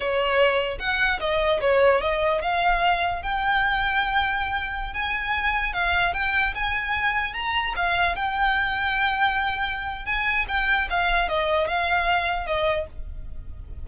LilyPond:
\new Staff \with { instrumentName = "violin" } { \time 4/4 \tempo 4 = 149 cis''2 fis''4 dis''4 | cis''4 dis''4 f''2 | g''1~ | g''16 gis''2 f''4 g''8.~ |
g''16 gis''2 ais''4 f''8.~ | f''16 g''2.~ g''8.~ | g''4 gis''4 g''4 f''4 | dis''4 f''2 dis''4 | }